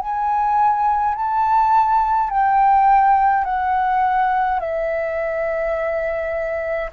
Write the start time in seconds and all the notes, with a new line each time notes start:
0.00 G#5
1.15 A5
2.30 G5
3.45 F#5
4.60 E5